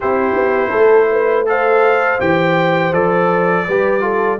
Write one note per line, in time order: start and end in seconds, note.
0.00 0.34 C4
0.00 1.46 E4
0.00 0.70 G4
0.00 1.47 C5
0.34 0.71 B3
0.70 2.20 A3
0.70 1.06 A4
1.11 1.48 B4
1.46 2.19 A4
1.46 3.67 C5
1.46 2.20 F5
2.19 2.92 E3
2.19 2.92 G4
2.19 2.93 G5
2.92 3.66 F3
2.92 3.65 A4
2.92 4.39 D5
3.67 4.39 G3
3.67 4.00 G4
3.67 4.02 B4
4.00 4.37 F4
4.00 4.39 A4